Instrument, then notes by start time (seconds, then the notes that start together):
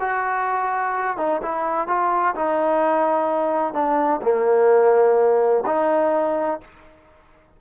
trombone
0.00 F#4
1.17 D#4
1.42 E4
1.87 F4
2.35 D#4
3.73 D4
4.22 A#3
5.66 D#4